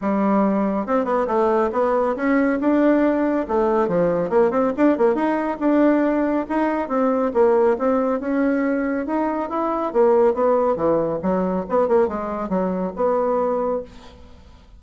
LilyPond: \new Staff \with { instrumentName = "bassoon" } { \time 4/4 \tempo 4 = 139 g2 c'8 b8 a4 | b4 cis'4 d'2 | a4 f4 ais8 c'8 d'8 ais8 | dis'4 d'2 dis'4 |
c'4 ais4 c'4 cis'4~ | cis'4 dis'4 e'4 ais4 | b4 e4 fis4 b8 ais8 | gis4 fis4 b2 | }